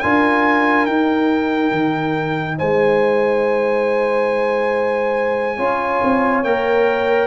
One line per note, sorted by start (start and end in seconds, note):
0.00 0.87 D4
0.00 0.89 F4
0.00 2.58 A#4
0.00 0.86 G#5
0.86 1.71 D#4
0.86 5.58 D#4
0.86 2.57 G5
1.71 2.57 D#3
2.58 5.58 G#3
2.58 5.57 C5
2.58 6.44 G#5
5.57 6.01 C#4
5.57 6.44 F4
5.57 7.27 C#5
6.03 6.44 C4
6.44 7.27 A#3
6.44 7.27 A#4
6.44 7.27 G5